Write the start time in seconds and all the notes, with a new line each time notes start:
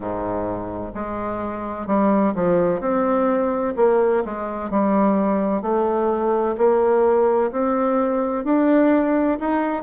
0.00 G#2
0.94 G#3
1.86 G3
2.34 F3
2.80 C4
3.76 A#3
4.24 G#3
4.70 G3
5.62 A3
6.57 A#3
7.51 C4
8.44 D4
9.40 D#4